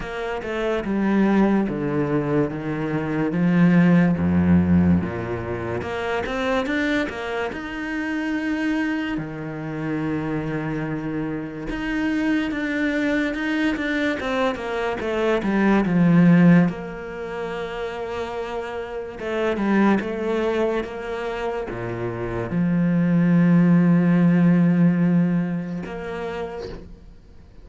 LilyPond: \new Staff \with { instrumentName = "cello" } { \time 4/4 \tempo 4 = 72 ais8 a8 g4 d4 dis4 | f4 f,4 ais,4 ais8 c'8 | d'8 ais8 dis'2 dis4~ | dis2 dis'4 d'4 |
dis'8 d'8 c'8 ais8 a8 g8 f4 | ais2. a8 g8 | a4 ais4 ais,4 f4~ | f2. ais4 | }